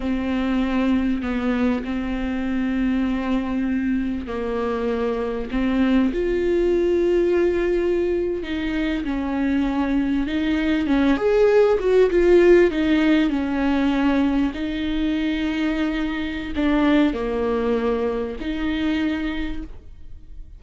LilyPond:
\new Staff \with { instrumentName = "viola" } { \time 4/4 \tempo 4 = 98 c'2 b4 c'4~ | c'2. ais4~ | ais4 c'4 f'2~ | f'4.~ f'16 dis'4 cis'4~ cis'16~ |
cis'8. dis'4 cis'8 gis'4 fis'8 f'16~ | f'8. dis'4 cis'2 dis'16~ | dis'2. d'4 | ais2 dis'2 | }